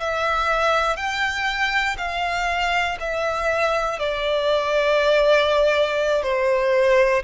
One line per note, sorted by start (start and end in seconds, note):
0.00 0.97 E5
0.97 1.97 G5
1.98 2.98 F5
3.00 4.00 E5
4.00 6.23 D5
6.23 7.23 C5